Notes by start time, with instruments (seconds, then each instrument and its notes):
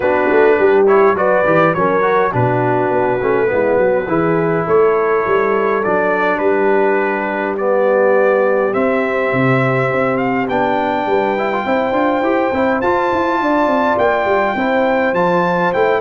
0.00 tuba B3, trombone D4, horn F#4, trumpet B4
0.30 tuba A3
0.59 tuba G3, horn G4
0.87 trombone E4, trumpet C#5
1.14 tuba F#3, trombone F#4, horn B4, trumpet D5
1.45 tuba E3, trombone G4
1.74 tuba F#3, trombone C#4, horn A#4, trumpet C#5
2.01 trombone F#4
2.30 tuba B2, trombone D4, horn F#4, trumpet B4
2.91 tuba B3
3.22 tuba A3, trombone C#4
3.47 tuba G#3, trombone B3, horn E4
3.77 tuba F#3, horn F#4
4.07 tuba E3, trombone E4, horn G#4
4.65 tuba A3, horn A4, trumpet C#5
5.26 tuba G3
5.83 tuba F#3, trombone D4, trumpet D5
6.38 tuba G3, horn G4, trumpet B4
7.57 trombone B3, trumpet D5
8.73 trombone C4, tuba C4, trumpet E5
9.32 tuba C3
9.91 tuba C4
10.17 trumpet F5
10.48 tuba B3, trombone D4, trumpet G5
11.05 tuba G3, horn B4
11.37 trombone E4
11.52 trombone F4
11.65 tuba C4, trombone E4, horn C5
11.92 tuba D4, trombone F4
12.21 tuba E4, trombone G4
12.52 tuba C4, trombone E4
12.81 tuba F4, trombone F4, trumpet A5
13.12 tuba E4
13.40 tuba D4, horn D5
13.66 tuba C4
13.97 tuba A#3, trumpet G5
14.24 tuba G3
14.55 tuba C4, trombone E4, horn C5
15.13 tuba F3, trombone F4, trumpet A5
15.73 tuba A3, trombone E4, trumpet G5